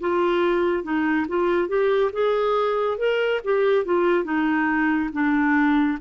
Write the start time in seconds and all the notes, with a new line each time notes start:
0.00 F4
0.84 D#4
1.29 F4
1.68 G4
2.13 G#4
2.98 A#4
3.44 G4
3.85 F4
4.24 D#4
5.13 D4